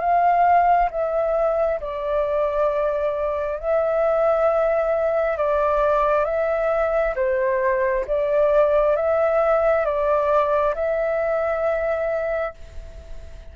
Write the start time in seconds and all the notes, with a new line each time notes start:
0.00 F5
0.91 E5
1.80 D5
3.59 E5
5.37 D5
6.25 E5
7.16 C5
8.07 D5
8.96 E5
9.85 D5
10.75 E5